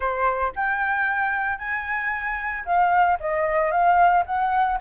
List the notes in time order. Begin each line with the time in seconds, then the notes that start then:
0.00 C5
0.55 G5
1.58 G#5
2.65 F5
3.20 D#5
3.71 F5
4.26 F#5